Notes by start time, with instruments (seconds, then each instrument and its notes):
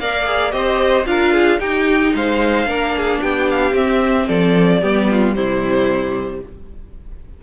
0.00 cello A#3, viola A#4, violin D5 F5
0.26 viola G#4
0.52 cello C4, viola G4, violin C5 D#5
1.06 cello D4, viola F4, violin A#4 F5
1.34 violin G#4
1.60 viola D#4, cello D#4, violin G4 G5
2.15 cello G#3, violin C5 F5
2.66 cello A#3, viola D4, violin A#4
2.97 violin G#4
3.22 cello B3, violin G4 G5
3.51 violin F5
3.72 cello C4, viola C4, violin E5
4.28 cello F3, violin A4 D5
4.82 cello G3, viola B3, violin G4
5.11 violin F4
5.35 cello C3, viola G3, violin E4 C5